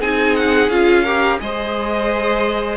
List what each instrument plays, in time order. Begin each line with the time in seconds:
0.00 cello C4, viola D#4, violin G#4 G#5
0.36 violin F#5
0.69 cello C#4, viola F4, violin F5
1.03 viola G4, violin A#4
1.39 cello G#3, viola G#4, violin C5 D#5